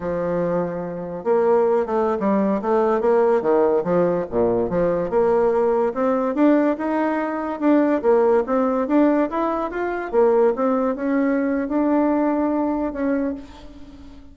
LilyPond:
\new Staff \with { instrumentName = "bassoon" } { \time 4/4 \tempo 4 = 144 f2. ais4~ | ais8 a8. g4 a4 ais8.~ | ais16 dis4 f4 ais,4 f8.~ | f16 ais2 c'4 d'8.~ |
d'16 dis'2 d'4 ais8.~ | ais16 c'4 d'4 e'4 f'8.~ | f'16 ais4 c'4 cis'4.~ cis'16 | d'2. cis'4 | }